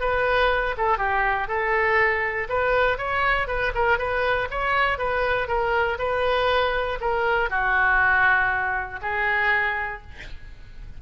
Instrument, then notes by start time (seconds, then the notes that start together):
oboe
0.00 B4
0.77 A4
0.97 G4
1.47 A4
2.49 B4
2.97 C#5
3.47 B4
3.74 A#4
3.98 B4
4.50 C#5
4.98 B4
5.47 A#4
5.98 B4
7.00 A#4
7.50 F#4
9.02 G#4